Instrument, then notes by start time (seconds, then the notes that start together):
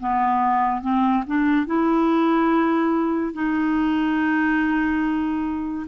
clarinet
0.00 B3
0.81 C4
1.27 D4
1.66 E4
3.33 D#4